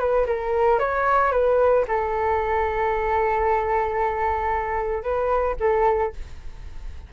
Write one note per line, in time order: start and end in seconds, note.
0.00 0.27 B4
0.27 0.79 A#4
0.79 1.32 C#5
1.32 1.85 B4
1.88 5.03 A4
5.03 5.56 B4
5.60 6.13 A4